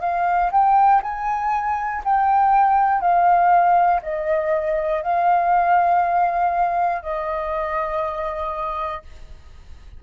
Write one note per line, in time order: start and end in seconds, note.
0.00 0.50 F5
0.52 1.02 G5
1.02 2.02 G#5
2.05 3.00 G5
3.00 4.00 F5
4.02 5.02 D#5
5.02 7.02 F5
7.02 9.02 D#5